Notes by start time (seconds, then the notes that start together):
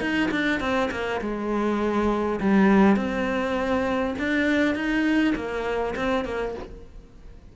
0.00 D#4
0.31 D4
0.60 C4
0.91 A#3
1.21 G#3
2.40 G3
2.96 C4
4.19 D4
4.75 D#4
5.35 A#3
5.96 C4
6.25 A#3